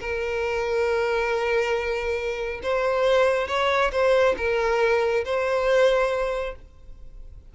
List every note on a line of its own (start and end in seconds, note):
0.00 2.61 A#4
2.62 3.47 C5
3.47 3.91 C#5
3.92 4.35 C5
4.37 5.24 A#4
5.25 6.55 C5